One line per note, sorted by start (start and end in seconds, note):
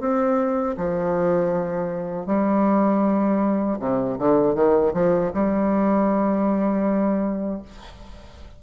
0.00 0.76 C4
0.77 2.26 F3
2.26 3.78 G3
3.79 4.17 C3
4.18 4.55 D3
4.55 4.93 D#3
4.93 5.31 F3
5.34 7.62 G3